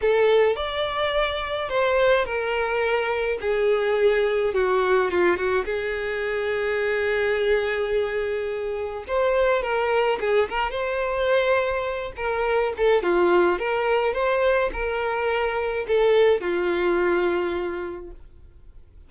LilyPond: \new Staff \with { instrumentName = "violin" } { \time 4/4 \tempo 4 = 106 a'4 d''2 c''4 | ais'2 gis'2 | fis'4 f'8 fis'8 gis'2~ | gis'1 |
c''4 ais'4 gis'8 ais'8 c''4~ | c''4. ais'4 a'8 f'4 | ais'4 c''4 ais'2 | a'4 f'2. | }